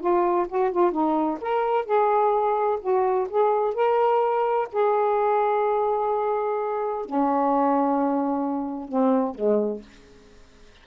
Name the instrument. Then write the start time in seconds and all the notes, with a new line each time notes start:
saxophone
0.00 F4
0.48 F#4
0.71 F4
0.92 D#4
1.41 A#4
1.85 G#4
2.81 F#4
3.29 G#4
3.75 A#4
4.72 G#4
7.05 C#4
8.88 C4
9.35 G#3